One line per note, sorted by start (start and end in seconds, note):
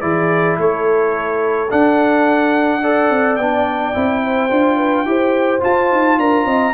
0.00 0.58 E3
0.00 1.68 E4
0.00 0.58 G#4
0.00 0.56 D5
0.58 1.70 A3
0.58 2.81 A4
0.58 1.71 C#5
1.70 2.82 D4
1.70 3.10 D4
1.70 3.36 F#5
2.81 3.39 A4
2.81 4.21 D5
3.10 3.38 C4
3.36 3.94 B3
3.36 3.94 D4
3.36 5.60 G5
3.94 4.50 C4
3.94 4.50 E4
4.24 4.77 C5
4.50 5.05 D4
4.50 5.06 F4
4.77 5.05 B4
5.05 5.61 E4
5.05 5.60 G4
5.05 6.20 C5
5.60 6.72 F4
5.60 5.91 F4
5.60 6.19 A5
5.91 6.18 D#4
6.18 6.45 D4
6.18 6.45 A#4
6.18 6.74 A#5
6.45 6.73 C4
6.45 6.73 D#5